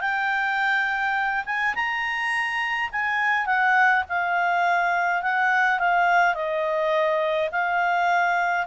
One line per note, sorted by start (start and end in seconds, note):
0.00 1.44 G5
1.45 1.74 G#5
1.74 2.90 A#5
2.92 3.46 G#5
3.46 4.04 F#5
4.08 5.22 F5
5.22 5.79 F#5
5.79 6.34 F5
6.34 7.49 D#5
7.51 8.67 F5